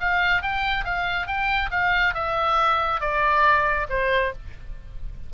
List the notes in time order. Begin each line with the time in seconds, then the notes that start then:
0.00 F5
0.42 G5
0.85 F5
1.27 G5
1.71 F5
2.14 E5
3.00 D5
3.89 C5